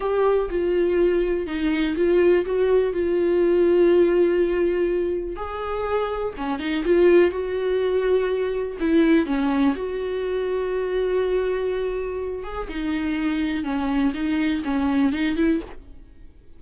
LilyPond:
\new Staff \with { instrumentName = "viola" } { \time 4/4 \tempo 4 = 123 g'4 f'2 dis'4 | f'4 fis'4 f'2~ | f'2. gis'4~ | gis'4 cis'8 dis'8 f'4 fis'4~ |
fis'2 e'4 cis'4 | fis'1~ | fis'4. gis'8 dis'2 | cis'4 dis'4 cis'4 dis'8 e'8 | }